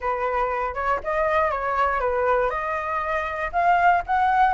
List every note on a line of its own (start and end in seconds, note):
0.00 0.74 B4
0.74 0.99 C#5
1.03 1.51 D#5
1.51 2.00 C#5
2.00 2.50 B4
2.50 3.50 D#5
3.52 4.02 F5
4.06 4.54 F#5